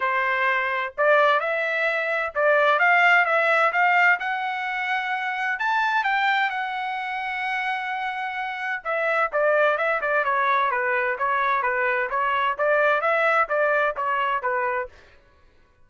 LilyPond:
\new Staff \with { instrumentName = "trumpet" } { \time 4/4 \tempo 4 = 129 c''2 d''4 e''4~ | e''4 d''4 f''4 e''4 | f''4 fis''2. | a''4 g''4 fis''2~ |
fis''2. e''4 | d''4 e''8 d''8 cis''4 b'4 | cis''4 b'4 cis''4 d''4 | e''4 d''4 cis''4 b'4 | }